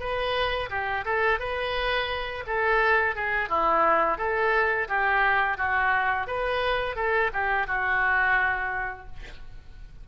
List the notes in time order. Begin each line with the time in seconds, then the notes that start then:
0.00 B4
0.70 G4
1.05 A4
1.40 B4
2.47 A4
3.16 G#4
3.49 E4
4.18 A4
4.88 G4
5.58 F#4
6.27 B4
6.96 A4
7.33 G4
7.67 F#4